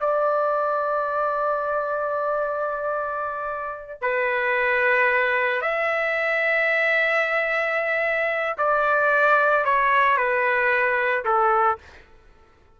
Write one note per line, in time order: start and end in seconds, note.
0.00 4.01 D5
4.01 5.62 B4
5.62 8.56 E5
8.57 9.65 D5
9.65 10.17 C#5
10.17 11.24 B4
11.25 11.78 A4